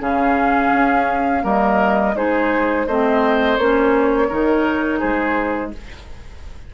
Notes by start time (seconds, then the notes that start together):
0.00 C#3 C#4 G#4 F5
0.73 C#4
1.42 G3 A#3 A#4 D#5
2.15 G#3 D#4 G#4 C5
2.87 A3 C4 C5 D#5
3.58 A#3 C#4 C#5
4.29 D#3 D#4 A#4
4.99 G#3 G#4 C5